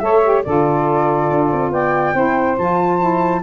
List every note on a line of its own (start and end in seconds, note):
0.00 0.44 A3
0.00 0.23 A4
0.00 0.45 C#5
0.00 0.43 E5
0.24 0.45 G4
0.44 1.31 D3
0.44 2.15 F4
0.44 1.73 A4
0.44 1.72 D5
1.31 1.52 D4
1.53 1.71 C4
1.71 2.14 B3
1.71 2.14 D5
1.71 2.58 G5
2.14 2.57 C4
2.14 2.58 E4
2.14 3.42 C5
2.59 3.43 F3
2.59 3.00 F4
2.59 3.43 A5
3.00 3.42 E4